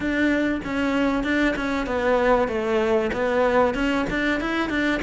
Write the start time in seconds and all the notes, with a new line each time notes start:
0.00 D4
0.64 C#4
1.23 D4
1.56 C#4
1.86 B3
2.48 A3
3.12 B3
3.74 C#4
4.09 D4
4.40 E4
4.69 D4